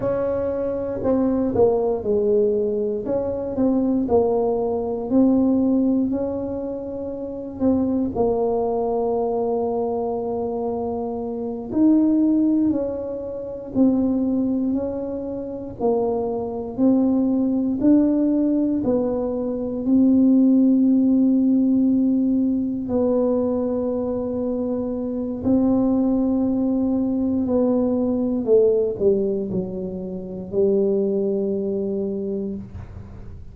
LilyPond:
\new Staff \with { instrumentName = "tuba" } { \time 4/4 \tempo 4 = 59 cis'4 c'8 ais8 gis4 cis'8 c'8 | ais4 c'4 cis'4. c'8 | ais2.~ ais8 dis'8~ | dis'8 cis'4 c'4 cis'4 ais8~ |
ais8 c'4 d'4 b4 c'8~ | c'2~ c'8 b4.~ | b4 c'2 b4 | a8 g8 fis4 g2 | }